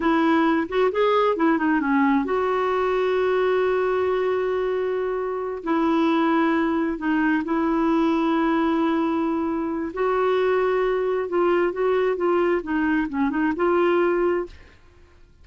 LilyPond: \new Staff \with { instrumentName = "clarinet" } { \time 4/4 \tempo 4 = 133 e'4. fis'8 gis'4 e'8 dis'8 | cis'4 fis'2.~ | fis'1~ | fis'8 e'2. dis'8~ |
dis'8 e'2.~ e'8~ | e'2 fis'2~ | fis'4 f'4 fis'4 f'4 | dis'4 cis'8 dis'8 f'2 | }